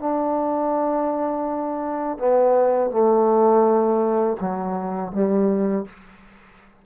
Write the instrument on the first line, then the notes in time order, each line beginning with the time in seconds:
trombone
0.00 D4
2.19 B3
2.91 A3
4.41 F#3
5.13 G3